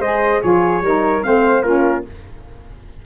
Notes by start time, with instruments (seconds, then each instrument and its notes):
0.00 tuba G#3, saxophone G#4, flute C5, trumpet D#5
0.42 tuba F3, saxophone F4, flute G#4, trumpet C#5
0.82 tuba G3, saxophone D#4, flute A#4
1.23 tuba A3, saxophone C4, flute C5, trumpet F5
1.63 tuba A#3, saxophone C#4, flute F4, trumpet A#4